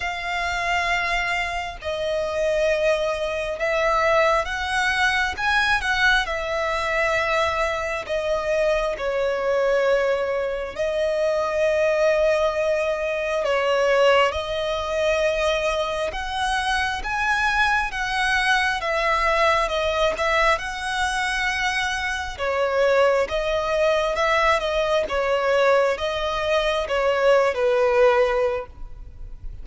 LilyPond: \new Staff \with { instrumentName = "violin" } { \time 4/4 \tempo 4 = 67 f''2 dis''2 | e''4 fis''4 gis''8 fis''8 e''4~ | e''4 dis''4 cis''2 | dis''2. cis''4 |
dis''2 fis''4 gis''4 | fis''4 e''4 dis''8 e''8 fis''4~ | fis''4 cis''4 dis''4 e''8 dis''8 | cis''4 dis''4 cis''8. b'4~ b'16 | }